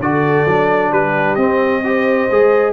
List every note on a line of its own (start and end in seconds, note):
0.00 0.46 D3
0.00 0.48 F#4
0.00 0.90 A4
0.00 0.93 D5
0.46 0.92 F#3
0.46 1.39 D4
0.90 1.37 G3
0.90 1.82 G4
0.90 1.35 B4
1.35 2.28 C4
1.35 1.84 C4
1.35 2.73 D#5
1.84 2.30 G4
1.84 2.73 C5
2.31 2.73 G#3
2.31 2.73 G#4